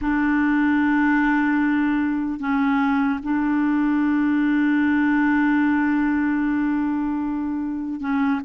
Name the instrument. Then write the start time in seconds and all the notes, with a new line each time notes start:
clarinet
0.01 D4
2.39 C#4
3.23 D4
8.00 C#4